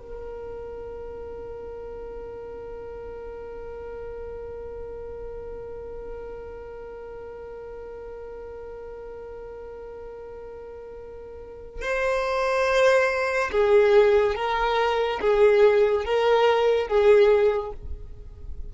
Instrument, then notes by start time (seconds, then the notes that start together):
violin
0.00 A#4
11.82 C5
13.52 G#4
14.36 A#4
15.21 G#4
16.05 A#4
16.88 G#4